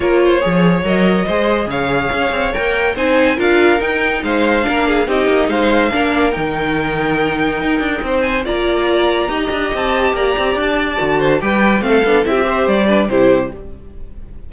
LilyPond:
<<
  \new Staff \with { instrumentName = "violin" } { \time 4/4 \tempo 4 = 142 cis''2 dis''2 | f''2 g''4 gis''4 | f''4 g''4 f''2 | dis''4 f''2 g''4~ |
g''2.~ g''8 gis''8 | ais''2. a''4 | ais''4 a''2 g''4 | f''4 e''4 d''4 c''4 | }
  \new Staff \with { instrumentName = "violin" } { \time 4/4 ais'8 c''8 cis''2 c''4 | cis''2. c''4 | ais'2 c''4 ais'8 gis'8 | g'4 c''4 ais'2~ |
ais'2. c''4 | d''2 dis''2 | d''2~ d''8 c''8 b'4 | a'4 g'8 c''4 b'8 g'4 | }
  \new Staff \with { instrumentName = "viola" } { \time 4/4 f'4 gis'4 ais'4 gis'4~ | gis'2 ais'4 dis'4 | f'4 dis'2 d'4 | dis'2 d'4 dis'4~ |
dis'1 | f'2 g'2~ | g'2 fis'4 g'4 | c'8 d'8 e'16 f'16 g'4 d'8 e'4 | }
  \new Staff \with { instrumentName = "cello" } { \time 4/4 ais4 f4 fis4 gis4 | cis4 cis'8 c'8 ais4 c'4 | d'4 dis'4 gis4 ais4 | c'8 ais8 gis4 ais4 dis4~ |
dis2 dis'8 d'8 c'4 | ais2 dis'8 d'8 c'4 | ais8 c'8 d'4 d4 g4 | a8 b8 c'4 g4 c4 | }
>>